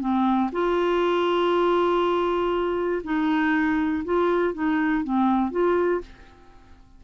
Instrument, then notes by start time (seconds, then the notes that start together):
clarinet
0.00 C4
0.52 F4
3.03 D#4
4.04 F4
4.53 D#4
5.03 C4
5.51 F4